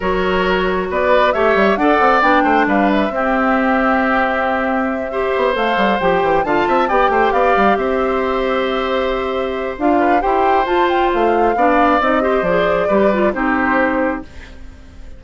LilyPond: <<
  \new Staff \with { instrumentName = "flute" } { \time 4/4 \tempo 4 = 135 cis''2 d''4 e''4 | fis''4 g''4 f''8 e''4.~ | e''1~ | e''8 f''4 g''4 a''4 g''8~ |
g''8 f''4 e''2~ e''8~ | e''2 f''4 g''4 | a''8 g''8 f''2 dis''4 | d''2 c''2 | }
  \new Staff \with { instrumentName = "oboe" } { \time 4/4 ais'2 b'4 cis''4 | d''4. c''8 b'4 g'4~ | g'2.~ g'8 c''8~ | c''2~ c''8 f''8 e''8 d''8 |
c''8 d''4 c''2~ c''8~ | c''2~ c''8 b'8 c''4~ | c''2 d''4. c''8~ | c''4 b'4 g'2 | }
  \new Staff \with { instrumentName = "clarinet" } { \time 4/4 fis'2. g'4 | a'4 d'2 c'4~ | c'2.~ c'8 g'8~ | g'8 a'4 g'4 f'4 g'8~ |
g'1~ | g'2 f'4 g'4 | f'2 d'4 dis'8 g'8 | gis'4 g'8 f'8 dis'2 | }
  \new Staff \with { instrumentName = "bassoon" } { \time 4/4 fis2 b4 a8 g8 | d'8 c'8 b8 a8 g4 c'4~ | c'1 | b8 a8 g8 f8 e8 d8 c'8 b8 |
a8 b8 g8 c'2~ c'8~ | c'2 d'4 e'4 | f'4 a4 b4 c'4 | f4 g4 c'2 | }
>>